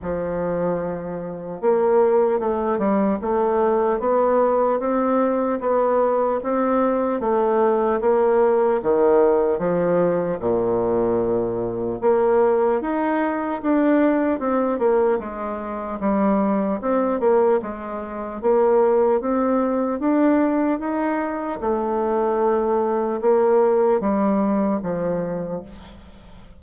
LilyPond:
\new Staff \with { instrumentName = "bassoon" } { \time 4/4 \tempo 4 = 75 f2 ais4 a8 g8 | a4 b4 c'4 b4 | c'4 a4 ais4 dis4 | f4 ais,2 ais4 |
dis'4 d'4 c'8 ais8 gis4 | g4 c'8 ais8 gis4 ais4 | c'4 d'4 dis'4 a4~ | a4 ais4 g4 f4 | }